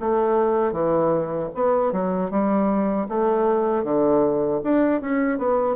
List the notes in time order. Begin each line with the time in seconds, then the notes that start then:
0.00 A3
0.72 E3
1.55 B3
1.92 F#3
2.31 G3
3.09 A3
3.84 D3
4.64 D4
5.01 C#4
5.38 B3